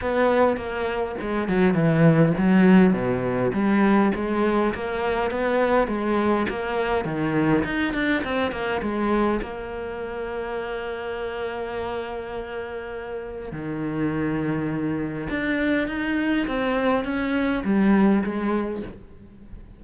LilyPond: \new Staff \with { instrumentName = "cello" } { \time 4/4 \tempo 4 = 102 b4 ais4 gis8 fis8 e4 | fis4 b,4 g4 gis4 | ais4 b4 gis4 ais4 | dis4 dis'8 d'8 c'8 ais8 gis4 |
ais1~ | ais2. dis4~ | dis2 d'4 dis'4 | c'4 cis'4 g4 gis4 | }